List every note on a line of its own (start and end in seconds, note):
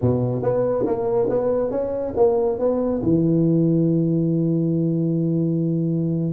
0.01 0.42 B2
0.42 0.85 B3
0.86 1.28 A#3
1.29 1.70 B3
1.70 2.13 C#4
2.16 2.58 A#3
2.58 3.01 B3
3.02 6.33 E3